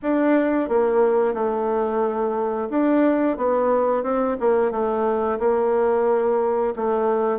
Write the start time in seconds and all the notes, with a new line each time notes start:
0.02 D4
0.68 A#3
1.34 A3
2.70 D4
3.37 B3
4.03 C4
4.40 A#3
4.71 A3
5.39 A#3
6.76 A3